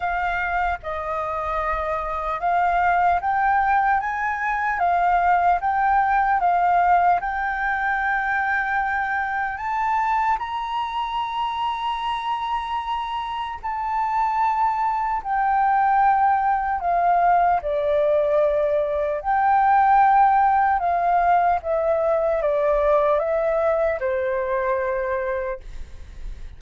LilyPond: \new Staff \with { instrumentName = "flute" } { \time 4/4 \tempo 4 = 75 f''4 dis''2 f''4 | g''4 gis''4 f''4 g''4 | f''4 g''2. | a''4 ais''2.~ |
ais''4 a''2 g''4~ | g''4 f''4 d''2 | g''2 f''4 e''4 | d''4 e''4 c''2 | }